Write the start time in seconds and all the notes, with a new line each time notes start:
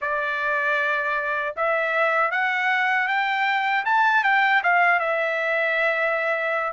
0.01 D5
1.56 E5
2.31 F#5
3.07 G5
3.85 A5
4.23 G5
4.63 F5
4.99 E5